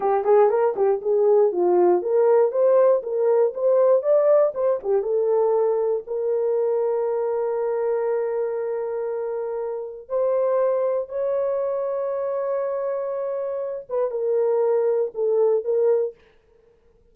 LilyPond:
\new Staff \with { instrumentName = "horn" } { \time 4/4 \tempo 4 = 119 g'8 gis'8 ais'8 g'8 gis'4 f'4 | ais'4 c''4 ais'4 c''4 | d''4 c''8 g'8 a'2 | ais'1~ |
ais'1 | c''2 cis''2~ | cis''2.~ cis''8 b'8 | ais'2 a'4 ais'4 | }